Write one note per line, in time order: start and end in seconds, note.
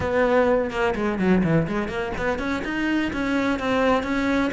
0.00 0.70 B3
0.70 0.94 A#3
0.95 1.19 G#3
1.19 1.42 F#3
1.43 1.67 E3
1.67 1.88 G#3
1.88 2.12 A#3
2.17 2.39 B3
2.39 2.62 C#4
2.64 3.12 D#4
3.13 3.59 C#4
3.59 4.03 C4
4.03 4.50 C#4